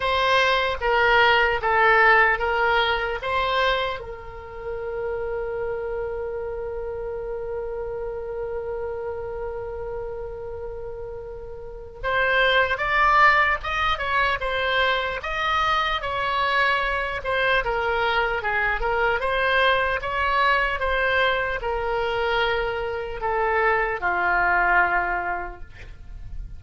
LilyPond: \new Staff \with { instrumentName = "oboe" } { \time 4/4 \tempo 4 = 75 c''4 ais'4 a'4 ais'4 | c''4 ais'2.~ | ais'1~ | ais'2. c''4 |
d''4 dis''8 cis''8 c''4 dis''4 | cis''4. c''8 ais'4 gis'8 ais'8 | c''4 cis''4 c''4 ais'4~ | ais'4 a'4 f'2 | }